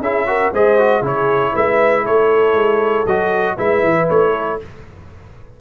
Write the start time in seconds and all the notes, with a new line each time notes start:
0.00 C#4 E4 G#4 E5
0.26 F#4 A#4
0.53 G#3 G#4 C5 D#5
0.79 F#4
1.01 C#3 E4 G#4 C#5
1.52 G#3 B4 E5
2.03 A3 A4 C#5
2.53 G#3
3.06 F#3 F#4 D#5
3.56 G#3 E4 B4 E5
3.83 E3
4.09 A3 C#5
4.32 A4